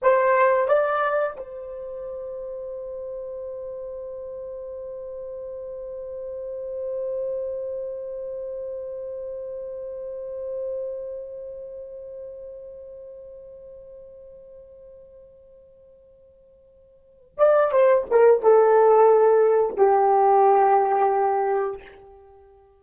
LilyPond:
\new Staff \with { instrumentName = "horn" } { \time 4/4 \tempo 4 = 88 c''4 d''4 c''2~ | c''1~ | c''1~ | c''1~ |
c''1~ | c''1~ | c''4. d''8 c''8 ais'8 a'4~ | a'4 g'2. | }